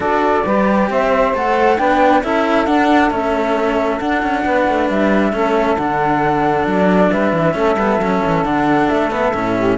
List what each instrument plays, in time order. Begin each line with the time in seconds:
0.00 cello D4 F#4, saxophone A4, flute D5
0.45 cello G3 G4, saxophone B4
0.89 cello C4, saxophone C5, flute E5
1.33 cello A3 A4, flute F#5
1.77 cello B3 D4, saxophone B4, flute G5
2.23 cello C#4 E4, saxophone A4, flute E5
2.65 cello D4, flute F#5
3.10 cello A3 C#4, flute E5
3.99 cello D4, flute F#5
4.22 cello C#4
4.45 cello B3, saxophone B4
4.67 cello A3
4.88 cello G3, flute E5
5.32 cello A3 C#4, saxophone A4
5.76 cello D3 D4, flute F#5
6.66 cello F#3, flute D5
7.11 cello G3, saxophone B4, flute E5
7.32 cello E3
7.53 cello A3 C#4, saxophone A4
7.75 cello G3 B3
7.98 cello F#3 C#4
8.25 cello E3
8.43 cello D3 D4, flute F#5
8.89 cello A3, flute E5
9.11 cello B3
9.33 cello A2 C#4
9.55 saxophone G4